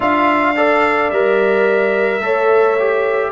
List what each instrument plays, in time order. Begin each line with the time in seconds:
0.00 tuba D4, trombone F4, horn E5, trumpet F5
0.56 trombone A4, horn D5
1.09 tuba G3, trombone A#4, trumpet E5
2.19 tuba A3, trombone A4, horn C#5
2.79 trombone G4